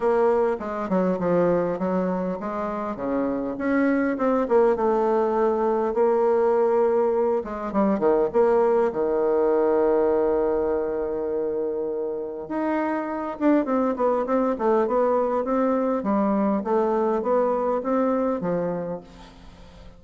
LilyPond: \new Staff \with { instrumentName = "bassoon" } { \time 4/4 \tempo 4 = 101 ais4 gis8 fis8 f4 fis4 | gis4 cis4 cis'4 c'8 ais8 | a2 ais2~ | ais8 gis8 g8 dis8 ais4 dis4~ |
dis1~ | dis4 dis'4. d'8 c'8 b8 | c'8 a8 b4 c'4 g4 | a4 b4 c'4 f4 | }